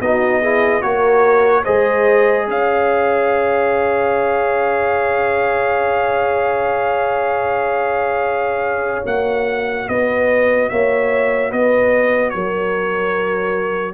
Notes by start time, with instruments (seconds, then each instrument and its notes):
0.00 tuba B3, trombone D#4, horn F#4, trumpet D#5
0.41 trombone E4, horn G#4
0.82 tuba A#3, trombone F#4, horn A#4, trumpet C#5
1.64 tuba G#3, trombone G#4, horn C5, trumpet D#5
2.47 tuba C#4, horn C#5, trumpet F5
9.04 tuba A#3, trombone F#4, trumpet F#5
9.88 tuba B3, horn B4, trumpet D#5
10.69 tuba A#3, horn C#5, trumpet E5
11.50 tuba B3, horn B4, trumpet D#5
12.30 tuba F#3, horn A#4, trumpet C#5